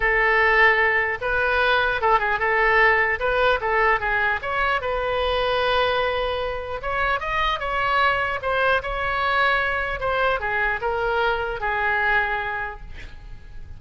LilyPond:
\new Staff \with { instrumentName = "oboe" } { \time 4/4 \tempo 4 = 150 a'2. b'4~ | b'4 a'8 gis'8 a'2 | b'4 a'4 gis'4 cis''4 | b'1~ |
b'4 cis''4 dis''4 cis''4~ | cis''4 c''4 cis''2~ | cis''4 c''4 gis'4 ais'4~ | ais'4 gis'2. | }